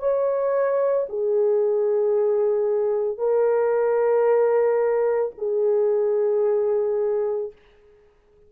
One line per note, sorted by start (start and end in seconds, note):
0.00 1.07 C#5
1.10 3.18 G#4
3.18 5.32 A#4
5.39 7.53 G#4